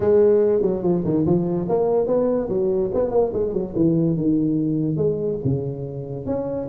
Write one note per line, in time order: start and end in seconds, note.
0.00 0.61 G#3
0.61 0.82 F#3
0.82 1.03 F3
1.04 1.25 D#3
1.26 1.67 F3
1.69 2.06 A#3
2.06 2.48 B3
2.48 2.90 F#3
2.94 3.10 B3
3.10 3.31 A#3
3.33 3.53 G#3
3.53 3.74 F#3
3.75 4.16 E3
4.16 4.96 D#3
4.96 5.38 G#3
5.44 6.25 C#3
6.25 6.67 C#4